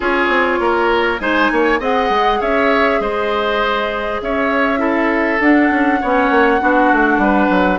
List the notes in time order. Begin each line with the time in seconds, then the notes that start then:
0.00 C#4 F4 G#4 C#5
0.28 C4
0.59 A#3 A#4
1.19 G#3 D#4 C5 G#5
1.51 A#3 C#5
1.79 C4 G#4 D#5 F#5
2.09 G#3
2.40 C#4 C#5 E5
3.00 G#3 C5 D#5
4.21 C#4 C#5 E5
4.77 E4 A4
5.40 D4 F#5
5.70 C#4
6.01 B3 C#4 C#5
6.30 A#3
6.60 B3 D4 F#4
6.92 A3
7.18 G3 B4
7.50 F#3